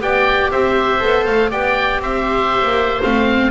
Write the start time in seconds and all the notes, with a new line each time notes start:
0.00 B3 G4 D5 G5
0.51 C4 C5 E5
1.00 B3 A4
1.25 A3 F5
1.49 B3 G4 D5 G5
2.00 C4 C5 E5
2.63 A#3
3.02 A3 C4 F5